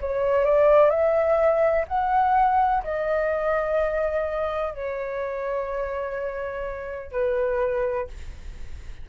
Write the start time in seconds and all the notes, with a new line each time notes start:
0.00 C#5
0.45 D5
0.90 E5
1.88 F#5
2.83 D#5
4.74 C#5
7.12 B4